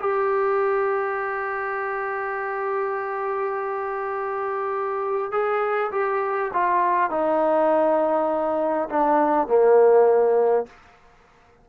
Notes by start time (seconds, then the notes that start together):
0.00 G4
5.32 G#4
5.92 G4
6.53 F4
7.11 D#4
8.90 D4
9.48 A#3